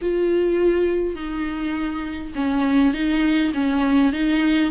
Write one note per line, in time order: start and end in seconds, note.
0.01 1.15 F4
1.15 2.32 D#4
2.35 2.93 C#4
2.93 3.52 D#4
3.53 4.12 C#4
4.12 4.71 D#4